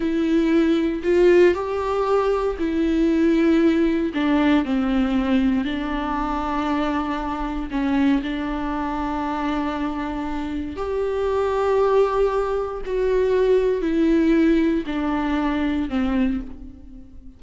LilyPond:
\new Staff \with { instrumentName = "viola" } { \time 4/4 \tempo 4 = 117 e'2 f'4 g'4~ | g'4 e'2. | d'4 c'2 d'4~ | d'2. cis'4 |
d'1~ | d'4 g'2.~ | g'4 fis'2 e'4~ | e'4 d'2 c'4 | }